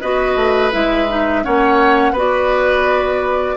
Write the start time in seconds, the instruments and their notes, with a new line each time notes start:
0.00 bassoon B3, clarinet F#4, oboe B4, flute D#5
0.35 bassoon A3
0.71 bassoon G#3, clarinet E4, flute E5
1.08 clarinet D#4
1.43 bassoon A#3, clarinet C#4, oboe C#5, flute F#5
2.12 bassoon B3, clarinet F#4, oboe B4
2.18 flute D5